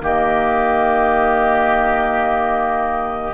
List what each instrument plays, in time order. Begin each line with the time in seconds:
0.00 bassoon D#3, clarinet A#3, oboe G4, flute D#5